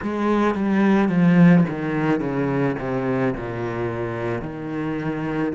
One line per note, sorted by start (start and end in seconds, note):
0.02 0.55 G#3
0.55 1.08 G3
1.08 1.64 F3
1.69 2.20 D#3
2.20 2.75 C#3
2.78 3.34 C3
3.36 4.41 A#2
4.41 5.53 D#3